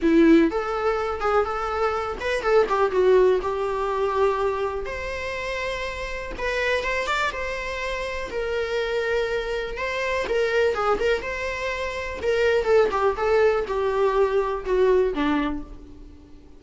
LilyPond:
\new Staff \with { instrumentName = "viola" } { \time 4/4 \tempo 4 = 123 e'4 a'4. gis'8 a'4~ | a'8 b'8 a'8 g'8 fis'4 g'4~ | g'2 c''2~ | c''4 b'4 c''8 d''8 c''4~ |
c''4 ais'2. | c''4 ais'4 gis'8 ais'8 c''4~ | c''4 ais'4 a'8 g'8 a'4 | g'2 fis'4 d'4 | }